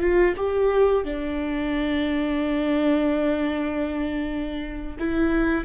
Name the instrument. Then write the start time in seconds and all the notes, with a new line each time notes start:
viola
0.00 F4
0.37 G4
1.04 D4
4.99 E4